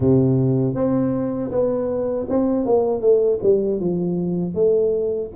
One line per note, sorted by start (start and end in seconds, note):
0.00 0.75 C3
0.75 1.51 C4
1.51 2.26 B3
2.29 2.65 C4
2.65 3.01 A#3
3.01 3.39 A3
3.42 3.79 G3
3.79 4.54 F3
4.54 5.30 A3